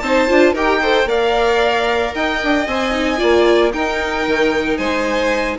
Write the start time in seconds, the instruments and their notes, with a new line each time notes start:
0.00 bassoon C4, viola D#4, violin C5 A5
0.28 bassoon D4, viola F4
0.53 bassoon D#4, viola G4, violin A#4 G5
0.82 viola A4, violin C5
1.06 bassoon A#3, viola A#4, violin D5 F5
2.15 bassoon D#4, violin D#5 G5
2.44 bassoon D4
2.67 bassoon C4, viola C5, violin G#5
2.92 viola D#4
3.17 bassoon A#3, viola F4, violin D5
3.73 viola D#4, bassoon D#4, violin A#4 G5
4.27 bassoon D#3
4.77 bassoon G#3, violin C5 G#5